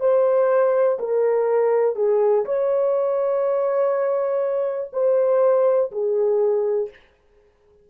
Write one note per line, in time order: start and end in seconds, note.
0.00 0.98 C5
0.99 1.96 A#4
1.96 2.45 G#4
2.45 4.91 C#5
4.93 5.91 C5
5.92 6.90 G#4